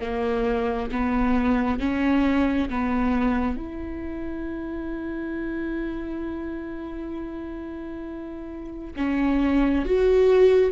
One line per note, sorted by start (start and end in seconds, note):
0.00 0.90 A#3
0.91 1.79 B3
1.79 2.69 C#4
2.69 3.56 B3
3.56 8.93 E4
8.96 9.85 C#4
9.85 10.71 F#4